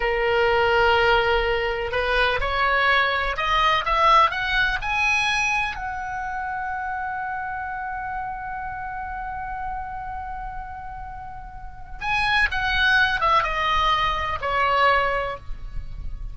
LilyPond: \new Staff \with { instrumentName = "oboe" } { \time 4/4 \tempo 4 = 125 ais'1 | b'4 cis''2 dis''4 | e''4 fis''4 gis''2 | fis''1~ |
fis''1~ | fis''1~ | fis''4 gis''4 fis''4. e''8 | dis''2 cis''2 | }